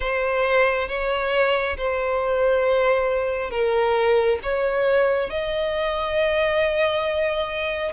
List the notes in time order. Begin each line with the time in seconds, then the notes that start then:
0.00 C5
0.88 C#5
1.76 C5
3.50 A#4
4.42 C#5
5.29 D#5